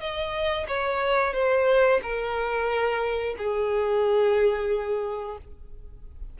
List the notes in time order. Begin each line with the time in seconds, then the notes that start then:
0.00 D#5
0.68 C#5
1.34 C5
2.03 A#4
3.38 G#4